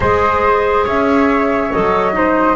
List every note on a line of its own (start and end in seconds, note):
0.00 0.85 G#3
0.00 1.70 G#4
0.00 0.84 C5
0.00 0.85 D#5
0.84 1.72 C#4
0.84 2.13 C#5
0.84 1.73 E5
1.73 2.55 F#3
1.73 2.12 A4
1.73 2.55 D#5
2.12 2.55 D#4
2.12 2.55 C5